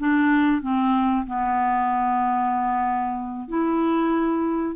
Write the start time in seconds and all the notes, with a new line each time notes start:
0.00 D4
0.62 C4
1.27 B3
3.49 E4